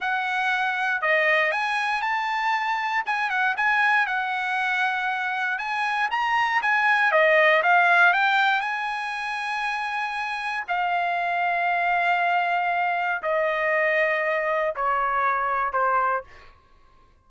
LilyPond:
\new Staff \with { instrumentName = "trumpet" } { \time 4/4 \tempo 4 = 118 fis''2 dis''4 gis''4 | a''2 gis''8 fis''8 gis''4 | fis''2. gis''4 | ais''4 gis''4 dis''4 f''4 |
g''4 gis''2.~ | gis''4 f''2.~ | f''2 dis''2~ | dis''4 cis''2 c''4 | }